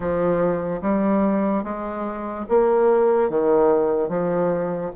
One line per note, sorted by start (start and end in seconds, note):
0.00 0.80 F3
0.81 1.63 G3
1.63 2.45 G#3
2.48 3.29 A#3
3.29 4.09 D#3
4.09 4.91 F3